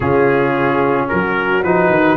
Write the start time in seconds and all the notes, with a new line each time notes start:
0.00 C#3 C#4 F4 G#4
1.08 F#3 F#4 A#4
1.63 F3 D#4 B4
1.89 D#3